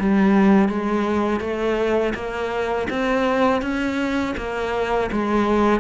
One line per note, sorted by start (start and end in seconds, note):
0.00 0.69 G3
0.69 1.41 G#3
1.41 2.14 A3
2.15 2.88 A#3
2.90 3.62 C4
3.62 4.35 C#4
4.38 5.11 A#3
5.12 5.81 G#3